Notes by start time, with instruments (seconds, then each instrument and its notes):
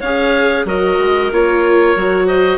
0.00 bassoon C#4, viola G#4, clarinet C#5, oboe F5
0.65 bassoon F#3, viola F#4, clarinet A#4, oboe D#5
0.99 bassoon G#3
1.32 bassoon A#3, viola F4, oboe C#5
1.96 bassoon F#3, viola F#4
2.26 clarinet C5, oboe D#5